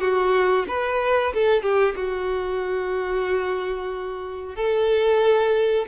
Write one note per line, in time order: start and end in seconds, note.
0.00 0.65 F#4
0.68 1.33 B4
1.34 1.62 A4
1.62 1.94 G4
1.95 4.55 F#4
4.55 5.85 A4